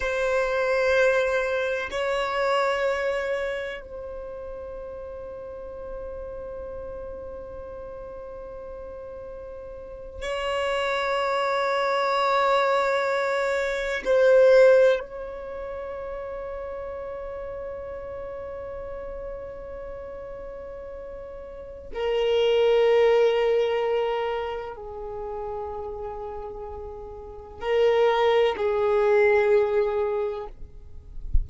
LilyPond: \new Staff \with { instrumentName = "violin" } { \time 4/4 \tempo 4 = 63 c''2 cis''2 | c''1~ | c''2~ c''8. cis''4~ cis''16~ | cis''2~ cis''8. c''4 cis''16~ |
cis''1~ | cis''2. ais'4~ | ais'2 gis'2~ | gis'4 ais'4 gis'2 | }